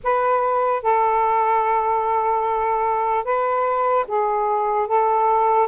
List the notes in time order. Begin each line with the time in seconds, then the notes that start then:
0.03 B4
0.82 A4
3.24 B4
4.07 G#4
4.87 A4